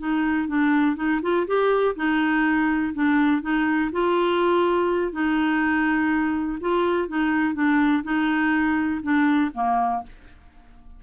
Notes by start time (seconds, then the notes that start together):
0.00 D#4
0.49 D4
0.96 D#4
1.23 F4
1.47 G4
1.96 D#4
2.94 D4
3.42 D#4
3.92 F4
5.13 D#4
6.61 F4
7.08 D#4
7.55 D4
8.04 D#4
9.03 D4
9.55 A#3